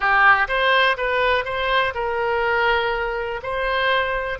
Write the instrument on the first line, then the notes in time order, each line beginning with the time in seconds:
oboe
0.00 G4
0.48 C5
0.97 B4
1.44 C5
1.94 A#4
3.42 C5